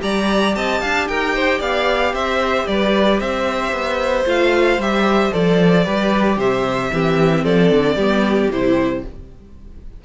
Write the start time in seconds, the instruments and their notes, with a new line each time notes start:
0.00 cello G3, viola G4, violin D5 A#5
0.55 cello C4, violin D#5 A5
0.82 cello D4, violin F5
1.08 cello D#4, violin A#4 G5
1.35 violin C5
1.59 cello B3, violin D5 F5
2.14 cello C4, violin C5 E5
2.67 cello G3, violin B4 D5
3.20 cello C4, violin C5 E5
3.72 cello B3
4.26 cello A3, viola F4, violin F5
4.78 cello G3, viola G4, violin E5
5.33 cello F3, viola A4, violin D5
5.85 cello G3, viola G4, violin B4
6.37 cello C3, violin C5 E5
6.92 cello E3, viola C4, violin G4
7.44 cello F3, violin A4 D5
7.71 cello D3
7.96 cello G3, viola B3, violin G4
8.51 cello C3, viola E4, violin C5